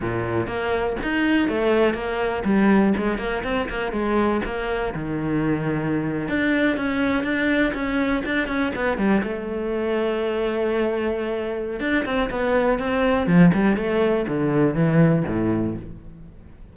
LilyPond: \new Staff \with { instrumentName = "cello" } { \time 4/4 \tempo 4 = 122 ais,4 ais4 dis'4 a4 | ais4 g4 gis8 ais8 c'8 ais8 | gis4 ais4 dis2~ | dis8. d'4 cis'4 d'4 cis'16~ |
cis'8. d'8 cis'8 b8 g8 a4~ a16~ | a1 | d'8 c'8 b4 c'4 f8 g8 | a4 d4 e4 a,4 | }